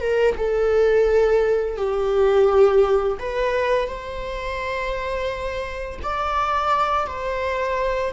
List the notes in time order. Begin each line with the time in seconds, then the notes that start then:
0.00 A#4
0.37 A4
1.76 G4
3.19 B4
3.88 C5
6.02 D5
7.06 C5